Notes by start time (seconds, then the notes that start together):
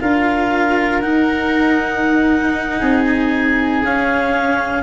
0.00 D4 F4 A#4 F5
1.00 D#4 F#5
2.79 C4 G#4
3.06 G#5
3.83 C#4 F5